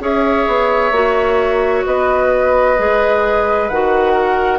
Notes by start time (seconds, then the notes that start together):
0.00 C#4 G#4 C#5 E5
0.47 B3
0.91 A#3 F#4
1.85 B3 B4 D#5
2.78 G#3 G#4
3.69 D#3 F#4 F#5
4.13 A#4